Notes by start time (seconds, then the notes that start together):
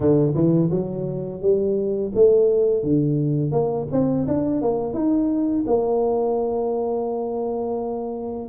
0.00 D3
0.34 E3
0.71 F#3
1.41 G3
2.14 A3
2.83 D3
3.51 A#3
3.91 C4
4.27 D4
4.61 A#3
4.93 D#4
5.67 A#3